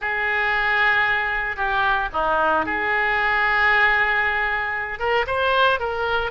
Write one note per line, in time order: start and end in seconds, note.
0.01 1.56 G#4
1.56 2.09 G4
2.12 2.65 D#4
2.65 4.99 G#4
4.99 5.25 A#4
5.27 5.79 C5
5.79 6.31 A#4